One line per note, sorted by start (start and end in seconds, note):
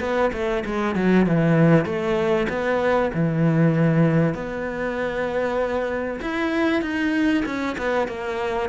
0.00 0.31 B3
0.33 0.64 A3
0.65 0.95 G#3
0.95 1.26 F#3
1.26 1.85 E3
1.85 2.47 A3
2.49 3.11 B3
3.13 4.34 E3
4.34 6.19 B3
6.21 6.82 E4
6.82 7.43 D#4
7.45 7.76 C#4
7.78 8.08 B3
8.08 8.69 A#3